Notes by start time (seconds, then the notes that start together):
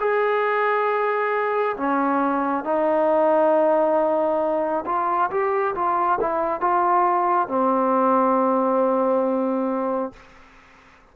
0.00 G#4
1.77 C#4
2.64 D#4
4.86 F4
5.31 G4
5.75 F4
6.21 E4
6.61 F4
7.48 C4